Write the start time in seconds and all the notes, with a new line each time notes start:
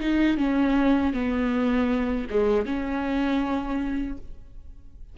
0.00 D#4
0.37 C#4
1.13 B3
2.30 G#3
2.65 C#4